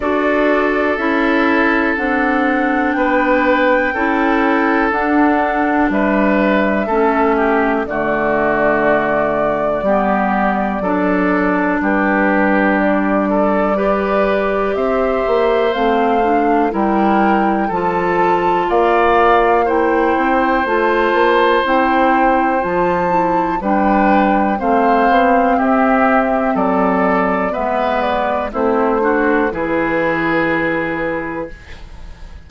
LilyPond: <<
  \new Staff \with { instrumentName = "flute" } { \time 4/4 \tempo 4 = 61 d''4 e''4 fis''4 g''4~ | g''4 fis''4 e''2 | d''1 | b'4 d''2 e''4 |
f''4 g''4 a''4 f''4 | g''4 a''4 g''4 a''4 | g''4 f''4 e''4 d''4 | e''8 d''8 c''4 b'2 | }
  \new Staff \with { instrumentName = "oboe" } { \time 4/4 a'2. b'4 | a'2 b'4 a'8 g'8 | fis'2 g'4 a'4 | g'4. a'8 b'4 c''4~ |
c''4 ais'4 a'4 d''4 | c''1 | b'4 c''4 g'4 a'4 | b'4 e'8 fis'8 gis'2 | }
  \new Staff \with { instrumentName = "clarinet" } { \time 4/4 fis'4 e'4 d'2 | e'4 d'2 cis'4 | a2 b4 d'4~ | d'2 g'2 |
c'8 d'8 e'4 f'2 | e'4 f'4 e'4 f'8 e'8 | d'4 c'2. | b4 c'8 d'8 e'2 | }
  \new Staff \with { instrumentName = "bassoon" } { \time 4/4 d'4 cis'4 c'4 b4 | cis'4 d'4 g4 a4 | d2 g4 fis4 | g2. c'8 ais8 |
a4 g4 f4 ais4~ | ais8 c'8 a8 ais8 c'4 f4 | g4 a8 b8 c'4 fis4 | gis4 a4 e2 | }
>>